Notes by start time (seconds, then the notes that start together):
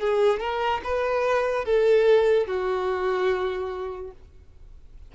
0.00 G#4
0.40 A#4
0.84 B4
1.65 A4
2.47 F#4